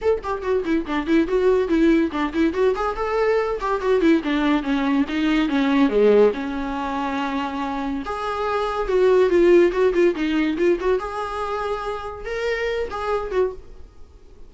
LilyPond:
\new Staff \with { instrumentName = "viola" } { \time 4/4 \tempo 4 = 142 a'8 g'8 fis'8 e'8 d'8 e'8 fis'4 | e'4 d'8 e'8 fis'8 gis'8 a'4~ | a'8 g'8 fis'8 e'8 d'4 cis'4 | dis'4 cis'4 gis4 cis'4~ |
cis'2. gis'4~ | gis'4 fis'4 f'4 fis'8 f'8 | dis'4 f'8 fis'8 gis'2~ | gis'4 ais'4. gis'4 fis'8 | }